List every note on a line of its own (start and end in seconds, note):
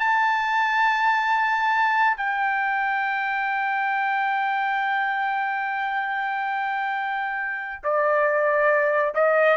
0.00 2.17 A5
2.17 7.83 G5
7.84 9.14 D5
9.15 9.57 D#5